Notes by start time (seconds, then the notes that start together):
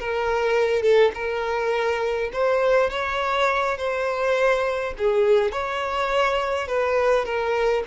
0.00 A#4
0.83 A4
1.15 A#4
2.33 C5
2.90 C#5
3.78 C5
4.98 G#4
5.52 C#5
6.68 B4
7.25 A#4